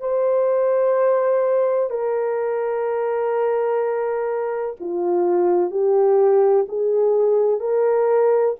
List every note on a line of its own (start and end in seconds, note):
0.00 1.90 C5
1.90 4.76 A#4
4.80 5.71 F4
5.71 6.66 G4
6.68 7.60 G#4
7.60 8.55 A#4